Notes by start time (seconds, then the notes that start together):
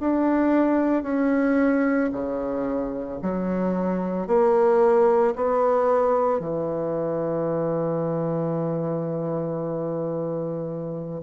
0.00 D4
1.03 C#4
2.12 C#3
3.22 F#3
4.27 A#3
5.36 B3
6.39 E3